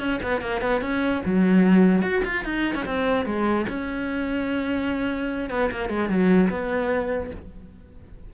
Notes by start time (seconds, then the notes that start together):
0.00 C#4
0.23 B3
0.41 A#3
0.61 B3
0.82 C#4
1.25 F#3
2.02 F#4
2.24 F4
2.45 D#4
2.75 C#4
2.85 C4
3.26 G#3
3.69 C#4
5.50 B3
5.71 A#3
5.89 G#3
6.09 F#3
6.50 B3